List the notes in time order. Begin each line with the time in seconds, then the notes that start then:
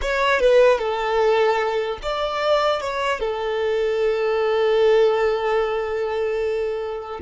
0.01 C#5
0.40 B4
0.78 A4
2.02 D5
2.80 C#5
3.20 A4